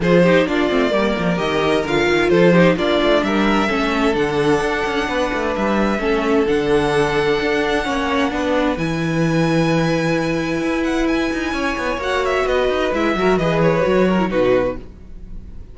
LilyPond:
<<
  \new Staff \with { instrumentName = "violin" } { \time 4/4 \tempo 4 = 130 c''4 d''2 dis''4 | f''4 c''4 d''4 e''4~ | e''4 fis''2. | e''2 fis''2~ |
fis''2. gis''4~ | gis''2.~ gis''8 fis''8 | gis''2 fis''8 e''8 dis''4 | e''4 dis''8 cis''4. b'4 | }
  \new Staff \with { instrumentName = "violin" } { \time 4/4 gis'8 g'8 f'4 ais'2~ | ais'4 a'8 g'8 f'4 ais'4 | a'2. b'4~ | b'4 a'2.~ |
a'4 cis''4 b'2~ | b'1~ | b'4 cis''2 b'4~ | b'8 ais'8 b'4. ais'8 fis'4 | }
  \new Staff \with { instrumentName = "viola" } { \time 4/4 f'8 dis'8 d'8 c'8 ais4 g'4 | f'4. dis'8 d'2 | cis'4 d'2.~ | d'4 cis'4 d'2~ |
d'4 cis'4 d'4 e'4~ | e'1~ | e'2 fis'2 | e'8 fis'8 gis'4 fis'8. e'16 dis'4 | }
  \new Staff \with { instrumentName = "cello" } { \time 4/4 f4 ais8 a8 g8 f8 dis4 | d8 dis8 f4 ais8 a8 g4 | a4 d4 d'8 cis'8 b8 a8 | g4 a4 d2 |
d'4 ais4 b4 e4~ | e2. e'4~ | e'8 dis'8 cis'8 b8 ais4 b8 dis'8 | gis8 fis8 e4 fis4 b,4 | }
>>